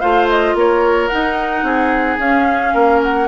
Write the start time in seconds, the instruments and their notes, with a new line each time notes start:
0.00 bassoon A3, clarinet F4, oboe C5, flute F5
0.29 flute D#5
0.54 bassoon A#3, oboe A#4, flute C#5
1.08 clarinet D#4, bassoon D#4, flute F#5
1.63 bassoon C4, oboe G#4
2.18 bassoon C#4, clarinet C#4, flute F5
2.74 bassoon A#3, oboe A#4
3.03 flute F#5